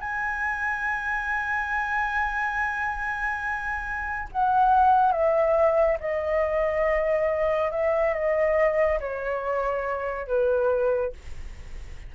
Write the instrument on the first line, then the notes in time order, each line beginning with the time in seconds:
flute
0.00 G#5
4.32 F#5
5.12 E5
6.00 D#5
7.71 E5
8.14 D#5
9.00 C#5
10.27 B4